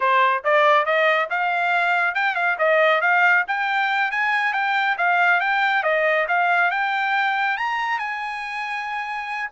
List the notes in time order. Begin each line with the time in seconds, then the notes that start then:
0.00 C5
0.44 D5
0.85 D#5
1.29 F5
2.14 G5
2.35 F5
2.58 D#5
3.01 F5
3.47 G5
4.11 G#5
4.53 G5
4.97 F5
5.40 G5
5.83 D#5
6.28 F5
6.71 G5
7.57 A#5
7.99 G#5